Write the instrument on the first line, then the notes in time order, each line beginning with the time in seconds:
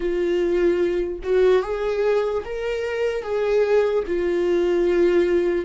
viola
0.00 F4
1.23 F#4
1.62 G#4
2.45 A#4
3.22 G#4
4.07 F4